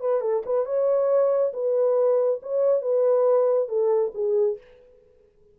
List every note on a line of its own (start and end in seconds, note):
0.00 0.21 B4
0.21 0.43 A4
0.46 0.65 B4
0.65 1.52 C#5
1.53 2.40 B4
2.42 2.82 C#5
2.82 3.69 B4
3.69 4.12 A4
4.14 4.58 G#4